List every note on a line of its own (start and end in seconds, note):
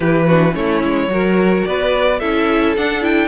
0.00 0.55 E3
0.00 0.27 E4
0.00 0.26 G4
0.00 0.55 B4
0.26 0.52 D4
0.26 0.54 F#4
0.52 0.82 A3
0.52 1.07 C#4
0.52 1.12 E4
0.52 1.64 C#5
0.83 1.08 G#3
1.08 1.63 F#3
1.08 2.20 F#4
1.08 1.67 A#4
1.64 2.22 B3
1.64 2.19 B4
1.64 2.19 D5
2.19 2.76 C#4
2.19 2.76 E4
2.19 3.28 A4
2.19 2.74 E5
2.76 3.01 D4
2.76 3.28 D4
2.76 3.03 F#5
3.01 3.28 E4
3.01 3.28 G5